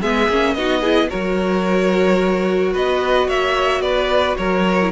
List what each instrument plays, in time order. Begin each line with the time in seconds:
0.00 cello G#3, viola B3, violin G#4 E5
0.29 cello A#3, viola C#4
0.55 cello B3, viola D#4, violin F#4 D#5
0.80 viola E4, violin G#4
1.10 cello F#3, viola F#4, violin A#4 C#5
2.73 cello B3, violin B4 D#5
3.28 cello A#3, violin C#5 E5
3.81 cello B3, violin B4 D5
4.37 cello F#3, violin A#4 C#5
4.82 viola E4